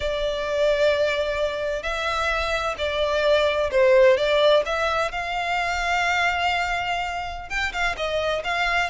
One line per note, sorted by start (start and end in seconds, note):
0.00 1.82 D5
1.82 2.75 E5
2.78 3.70 D5
3.71 4.17 C5
4.17 4.63 D5
4.65 5.11 E5
5.11 7.49 F5
7.49 7.72 G5
7.72 7.95 F5
7.96 8.42 D#5
8.44 8.90 F5